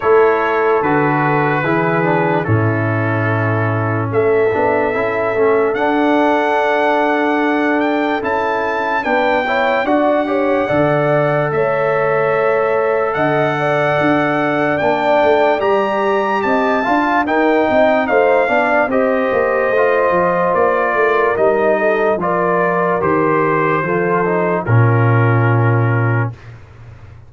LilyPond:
<<
  \new Staff \with { instrumentName = "trumpet" } { \time 4/4 \tempo 4 = 73 cis''4 b'2 a'4~ | a'4 e''2 fis''4~ | fis''4. g''8 a''4 g''4 | fis''2 e''2 |
fis''2 g''4 ais''4 | a''4 g''4 f''4 dis''4~ | dis''4 d''4 dis''4 d''4 | c''2 ais'2 | }
  \new Staff \with { instrumentName = "horn" } { \time 4/4 a'2 gis'4 e'4~ | e'4 a'2.~ | a'2. b'8 cis''8 | d''8 cis''8 d''4 cis''2 |
dis''8 d''2.~ d''8 | dis''8 f''8 ais'8 dis''8 c''8 d''8 c''4~ | c''4. ais'4 a'8 ais'4~ | ais'4 a'4 f'2 | }
  \new Staff \with { instrumentName = "trombone" } { \time 4/4 e'4 fis'4 e'8 d'8 cis'4~ | cis'4. d'8 e'8 cis'8 d'4~ | d'2 e'4 d'8 e'8 | fis'8 g'8 a'2.~ |
a'2 d'4 g'4~ | g'8 f'8 dis'4. d'8 g'4 | f'2 dis'4 f'4 | g'4 f'8 dis'8 cis'2 | }
  \new Staff \with { instrumentName = "tuba" } { \time 4/4 a4 d4 e4 a,4~ | a,4 a8 b8 cis'8 a8 d'4~ | d'2 cis'4 b4 | d'4 d4 a2 |
d4 d'4 ais8 a8 g4 | c'8 d'8 dis'8 c'8 a8 b8 c'8 ais8 | a8 f8 ais8 a8 g4 f4 | dis4 f4 ais,2 | }
>>